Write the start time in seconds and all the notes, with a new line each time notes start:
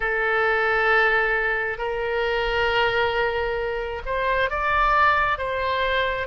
0.00 A4
1.78 A#4
4.05 C5
4.50 D5
5.37 C5